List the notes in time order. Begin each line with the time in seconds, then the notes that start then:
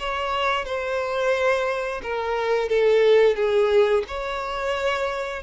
0.00 C#5
0.65 C5
2.03 A#4
2.70 A4
3.36 G#4
4.08 C#5